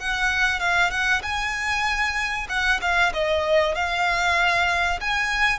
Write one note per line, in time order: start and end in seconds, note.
0.00 0.60 F#5
0.60 0.91 F5
0.91 1.22 F#5
1.23 2.48 G#5
2.49 2.81 F#5
2.82 3.13 F5
3.14 3.76 D#5
3.76 5.01 F5
5.01 5.60 G#5